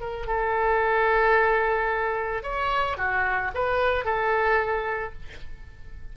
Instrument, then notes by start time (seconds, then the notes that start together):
oboe
0.00 A#4
0.27 A4
2.43 C#5
2.97 F#4
3.54 B4
4.04 A4